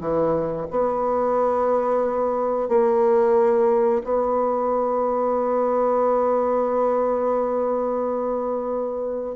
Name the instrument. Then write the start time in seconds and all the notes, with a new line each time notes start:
bassoon
0.00 E3
0.70 B3
2.68 A#3
4.04 B3